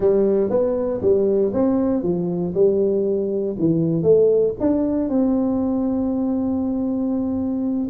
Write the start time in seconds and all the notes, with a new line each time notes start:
0.00 G3
0.49 B3
1.01 G3
1.53 C4
2.02 F3
2.54 G3
3.58 E3
4.02 A3
4.60 D4
5.09 C4